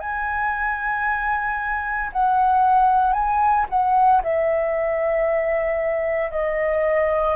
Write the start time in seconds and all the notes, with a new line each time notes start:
0.00 G#5
2.12 F#5
3.13 G#5
3.69 F#5
4.23 E5
6.31 D#5